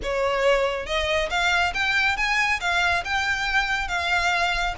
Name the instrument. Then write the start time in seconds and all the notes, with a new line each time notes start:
violin
0.02 C#5
0.86 D#5
1.30 F5
1.74 G5
2.17 G#5
2.60 F5
3.04 G5
3.88 F5